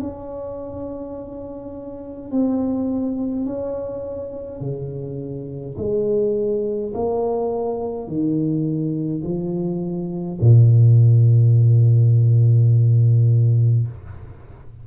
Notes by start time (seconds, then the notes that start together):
0.00 C#4
2.31 C4
3.46 C#4
4.60 C#3
5.77 G#3
6.94 A#3
8.08 D#3
9.23 F3
10.41 A#2